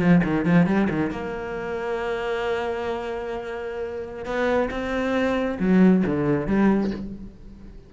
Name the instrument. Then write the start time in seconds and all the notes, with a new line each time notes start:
cello
0.00 F3
0.24 D#3
0.45 F3
0.66 G3
0.90 D#3
1.11 A#3
4.26 B3
4.71 C4
5.60 F#3
6.07 D3
6.47 G3